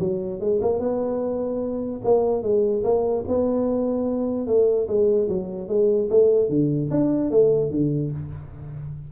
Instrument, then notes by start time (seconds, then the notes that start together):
tuba
0.00 F#3
0.41 G#3
0.62 A#3
0.80 B3
2.05 A#3
2.43 G#3
2.84 A#3
3.28 B3
4.47 A3
4.88 G#3
5.29 F#3
5.69 G#3
6.11 A3
6.50 D3
6.91 D4
7.31 A3
7.71 D3